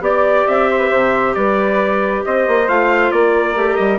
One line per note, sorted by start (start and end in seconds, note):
0.00 0.44 B3
0.00 2.66 G4
0.00 0.69 D5
0.00 0.47 D5
0.47 0.92 C4
0.47 1.34 E5
0.70 0.78 C5
0.78 0.89 B4
0.90 1.36 C3
0.90 1.34 C5
1.34 2.24 G3
1.34 2.25 B4
1.34 2.23 D5
2.25 2.48 C4
2.25 3.12 C5
2.25 2.69 D#5
2.48 2.68 A#3
2.68 3.11 A3
2.68 3.55 F4
2.68 3.11 F5
3.11 3.55 A#3
3.11 3.99 A#4
3.11 3.76 D5
3.55 3.78 A3
3.55 3.99 G4
3.76 3.99 G3
3.76 3.98 D#5